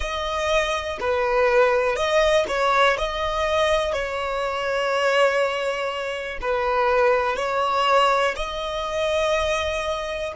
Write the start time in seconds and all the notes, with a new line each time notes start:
0.00 D#5
1.00 B4
1.96 D#5
2.48 C#5
2.98 D#5
3.92 C#5
6.41 B4
7.36 C#5
8.36 D#5